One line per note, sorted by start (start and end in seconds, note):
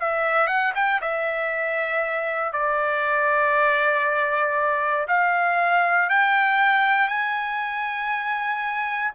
0.00 0.47 E5
0.47 0.73 F#5
0.75 1.01 G5
1.02 2.53 E5
2.53 5.07 D5
5.08 6.10 F5
6.10 7.08 G5
7.08 9.12 G#5